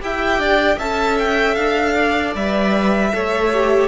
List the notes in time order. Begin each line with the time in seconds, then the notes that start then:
0.00 E4 G4 E5 G5
0.38 D4 D5
0.77 C#4 A4 E5 A5
1.19 G5
1.55 D4 F5
1.95 D5
2.35 G3 B4 E5
3.13 A3 A4 C#5
3.53 G4